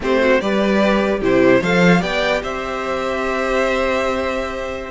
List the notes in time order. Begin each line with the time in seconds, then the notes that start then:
0.00 A3 C4 G4 C5
0.21 F#4
0.40 G3 G4 B4 D5
1.19 C3 E4 G4 C5
1.61 F3 A4 C5 F5
1.99 B3 G4 D5 G5
2.42 C4 C5 E5